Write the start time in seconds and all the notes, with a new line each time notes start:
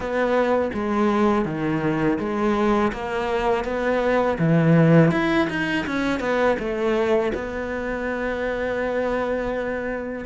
0.00 B3
0.73 G#3
1.45 D#3
2.19 G#3
2.92 A#3
3.64 B3
4.38 E3
5.11 E4
5.49 D#4
5.86 C#4
6.20 B3
6.59 A3
7.34 B3